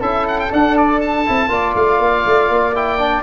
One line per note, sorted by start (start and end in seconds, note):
0.00 0.51 C#4
0.00 0.51 E4
0.00 1.49 A4
0.00 0.27 E5
0.28 0.39 F#5
0.39 0.52 G5
0.51 1.25 D4
0.51 1.27 D4
0.51 0.77 F#5
0.77 1.01 D5
1.01 1.75 A5
1.26 1.48 C4
1.26 1.49 E4
1.48 1.73 A#3
1.48 2.73 F4
1.48 3.23 D5
1.75 1.99 A3
1.75 2.75 F5
1.99 2.24 A#3
2.26 2.48 A3
2.48 3.23 A#3
2.75 2.99 E4
2.75 3.23 G5
2.99 3.23 D4